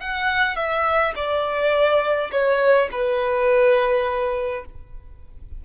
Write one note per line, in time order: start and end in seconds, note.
0.00 0.56 F#5
0.56 1.14 E5
1.15 2.31 D5
2.31 2.89 C#5
2.92 4.65 B4